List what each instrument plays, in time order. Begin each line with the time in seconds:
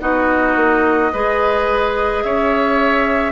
0.00 bassoon B3, clarinet D#4, oboe F#4, flute D#5
0.55 bassoon A#3
1.12 bassoon G#3, clarinet G#4, oboe B4
2.23 bassoon C#4, oboe C#5, flute E5